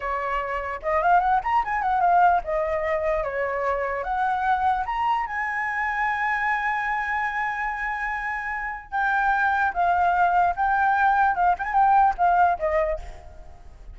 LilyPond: \new Staff \with { instrumentName = "flute" } { \time 4/4 \tempo 4 = 148 cis''2 dis''8 f''8 fis''8 ais''8 | gis''8 fis''8 f''4 dis''2 | cis''2 fis''2 | ais''4 gis''2.~ |
gis''1~ | gis''2 g''2 | f''2 g''2 | f''8 g''16 gis''16 g''4 f''4 dis''4 | }